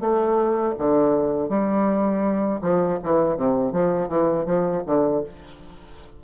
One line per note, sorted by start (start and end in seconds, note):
0.00 0.74 A3
0.78 1.49 D3
1.49 2.60 G3
2.61 2.98 F3
3.03 3.36 E3
3.36 3.72 C3
3.72 4.08 F3
4.08 4.45 E3
4.45 4.82 F3
4.86 5.23 D3